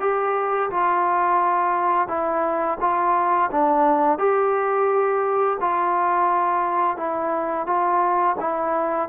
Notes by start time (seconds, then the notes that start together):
0.00 G4
0.70 F4
2.08 E4
2.80 F4
3.51 D4
4.18 G4
5.60 F4
6.97 E4
7.66 F4
8.40 E4